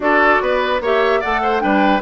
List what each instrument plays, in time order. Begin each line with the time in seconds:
0.00 bassoon D4, clarinet F#4, oboe A4, flute D5
0.41 bassoon B3, oboe B4
0.80 bassoon A#3, clarinet G4, oboe C#5, flute E5
1.20 bassoon A3, clarinet A4, oboe D5, flute F#5
1.42 oboe C5
1.60 bassoon G3, clarinet D4, oboe B4, flute G5